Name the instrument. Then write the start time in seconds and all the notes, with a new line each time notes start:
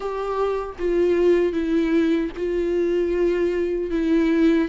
viola
0.00 G4
0.78 F4
1.52 E4
2.37 F4
3.90 E4